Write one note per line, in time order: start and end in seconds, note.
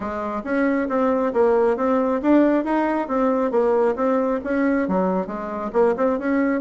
0.00 0.42 G#3
0.44 0.88 C#4
0.88 1.32 C4
1.33 1.76 A#3
1.76 2.21 C4
2.22 2.64 D4
2.64 3.07 D#4
3.07 3.51 C4
3.51 3.95 A#3
3.95 4.39 C4
4.44 4.88 C#4
4.88 5.26 F#3
5.26 5.71 G#3
5.72 5.95 A#3
5.96 6.18 C4
6.18 6.61 C#4